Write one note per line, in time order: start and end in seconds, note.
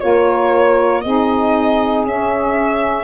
0.00 1.05 A#3
0.00 1.02 F4
0.00 1.03 A#4
0.00 1.02 C#5
1.02 2.04 C4
1.02 2.07 D#4
1.02 3.04 G#4
1.02 2.03 D#5
2.04 3.04 C#4
2.04 3.04 E5